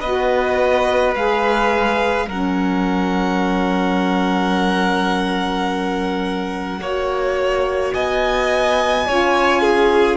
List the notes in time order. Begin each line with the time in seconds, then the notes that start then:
0.00 B3 F#4 B4 D#5
1.14 G#3 G#4 F5
2.27 F#3 C#4 A#4 F#5
6.79 A#3 F#4 C#5
7.92 B3 D#5 G#5
9.06 C#4 F4 C#5
9.61 G#4